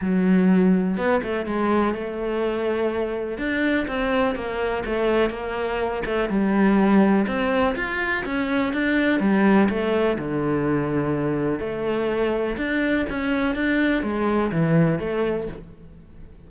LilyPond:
\new Staff \with { instrumentName = "cello" } { \time 4/4 \tempo 4 = 124 fis2 b8 a8 gis4 | a2. d'4 | c'4 ais4 a4 ais4~ | ais8 a8 g2 c'4 |
f'4 cis'4 d'4 g4 | a4 d2. | a2 d'4 cis'4 | d'4 gis4 e4 a4 | }